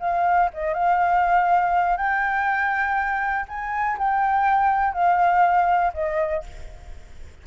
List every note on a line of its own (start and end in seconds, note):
0.00 0.50 F5
0.53 0.74 D#5
0.74 1.97 F5
1.97 3.46 G5
3.48 3.98 G#5
3.98 4.93 G5
4.93 5.93 F5
5.94 6.44 D#5